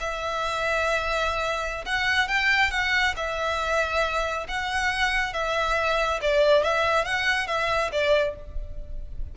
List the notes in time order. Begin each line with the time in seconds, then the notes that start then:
0.00 E5
1.86 F#5
2.28 G5
2.71 F#5
3.16 E5
4.48 F#5
5.33 E5
6.22 D5
6.63 E5
7.05 F#5
7.47 E5
7.92 D5